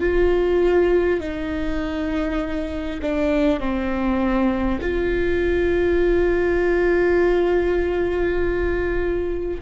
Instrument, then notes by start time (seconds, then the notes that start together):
viola
0.00 F4
1.20 D#4
3.01 D4
3.59 C4
4.81 F4